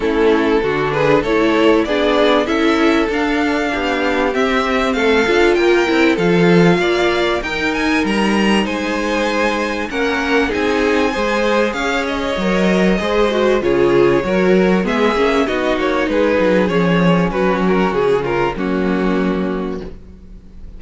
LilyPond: <<
  \new Staff \with { instrumentName = "violin" } { \time 4/4 \tempo 4 = 97 a'4. b'8 cis''4 d''4 | e''4 f''2 e''4 | f''4 g''4 f''2 | g''8 gis''8 ais''4 gis''2 |
fis''4 gis''2 f''8 dis''8~ | dis''2 cis''2 | e''4 dis''8 cis''8 b'4 cis''4 | b'8 ais'8 gis'8 ais'8 fis'2 | }
  \new Staff \with { instrumentName = "violin" } { \time 4/4 e'4 fis'8 gis'8 a'4 gis'4 | a'2 g'2 | a'4 ais'4 a'4 d''4 | ais'2 c''2 |
ais'4 gis'4 c''4 cis''4~ | cis''4 c''4 gis'4 ais'4 | gis'4 fis'4 gis'2 | fis'4. f'8 cis'2 | }
  \new Staff \with { instrumentName = "viola" } { \time 4/4 cis'4 d'4 e'4 d'4 | e'4 d'2 c'4~ | c'8 f'4 e'8 f'2 | dis'1 |
cis'4 dis'4 gis'2 | ais'4 gis'8 fis'8 f'4 fis'4 | b8 cis'8 dis'2 cis'4~ | cis'2 ais2 | }
  \new Staff \with { instrumentName = "cello" } { \time 4/4 a4 d4 a4 b4 | cis'4 d'4 b4 c'4 | a8 d'8 ais8 c'8 f4 ais4 | dis'4 g4 gis2 |
ais4 c'4 gis4 cis'4 | fis4 gis4 cis4 fis4 | gis8 ais8 b8 ais8 gis8 fis8 f4 | fis4 cis4 fis2 | }
>>